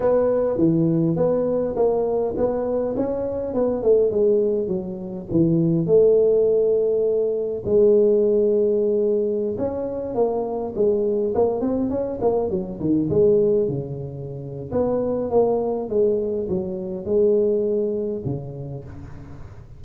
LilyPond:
\new Staff \with { instrumentName = "tuba" } { \time 4/4 \tempo 4 = 102 b4 e4 b4 ais4 | b4 cis'4 b8 a8 gis4 | fis4 e4 a2~ | a4 gis2.~ |
gis16 cis'4 ais4 gis4 ais8 c'16~ | c'16 cis'8 ais8 fis8 dis8 gis4 cis8.~ | cis4 b4 ais4 gis4 | fis4 gis2 cis4 | }